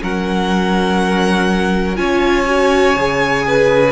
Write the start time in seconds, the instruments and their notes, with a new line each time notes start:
0.00 cello F#3, viola C#4, violin A#4 F#5
1.96 cello C#4, viola F4, violin C#5 G#5
2.46 viola F#4
2.96 cello C#3, viola G#4
3.47 violin B4